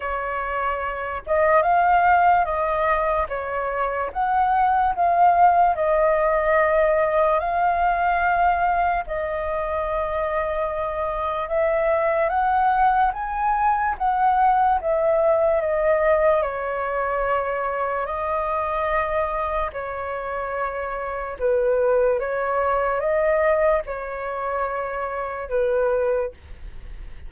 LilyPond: \new Staff \with { instrumentName = "flute" } { \time 4/4 \tempo 4 = 73 cis''4. dis''8 f''4 dis''4 | cis''4 fis''4 f''4 dis''4~ | dis''4 f''2 dis''4~ | dis''2 e''4 fis''4 |
gis''4 fis''4 e''4 dis''4 | cis''2 dis''2 | cis''2 b'4 cis''4 | dis''4 cis''2 b'4 | }